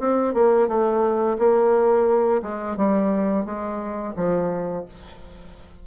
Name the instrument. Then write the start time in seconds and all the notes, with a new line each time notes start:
bassoon
0.00 C4
0.34 A#3
0.68 A3
1.39 A#3
2.43 G#3
2.77 G3
3.45 G#3
4.17 F3